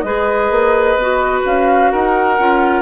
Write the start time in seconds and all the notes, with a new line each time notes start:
0.00 G#3 G#4 B4 D#5
0.50 A#3
0.96 B3 F#4
1.45 C#4 F5
1.90 D#4 A#4 F#5
2.38 C#4 F4